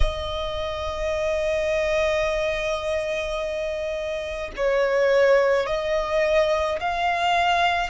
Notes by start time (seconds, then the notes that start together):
0.00 D#5
4.56 C#5
5.66 D#5
6.79 F5